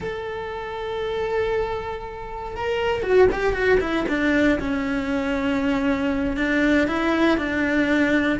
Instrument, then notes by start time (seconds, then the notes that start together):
cello
0.00 A4
2.55 A#4
3.02 F#4
3.32 G4
3.53 F#4
3.80 E4
4.08 D4
4.59 C#4
6.37 D4
6.87 E4
7.37 D4